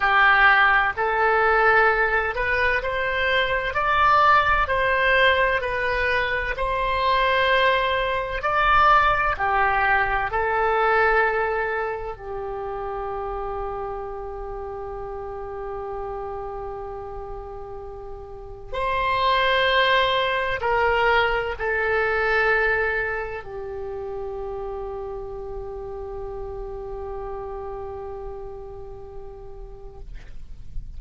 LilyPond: \new Staff \with { instrumentName = "oboe" } { \time 4/4 \tempo 4 = 64 g'4 a'4. b'8 c''4 | d''4 c''4 b'4 c''4~ | c''4 d''4 g'4 a'4~ | a'4 g'2.~ |
g'1 | c''2 ais'4 a'4~ | a'4 g'2.~ | g'1 | }